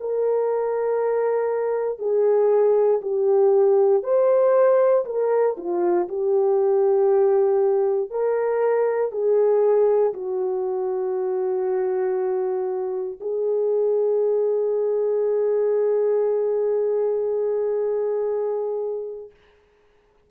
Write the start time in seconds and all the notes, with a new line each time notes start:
0.00 A#4
1.99 G#4
3.01 G4
4.03 C5
5.05 A#4
5.57 F4
6.08 G4
8.10 A#4
9.12 G#4
10.13 F#4
13.20 G#4